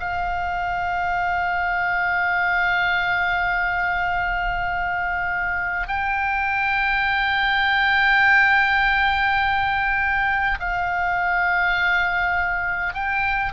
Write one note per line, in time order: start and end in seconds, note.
0.00 5.88 F5
5.88 10.59 G5
10.60 12.95 F5
12.95 13.53 G5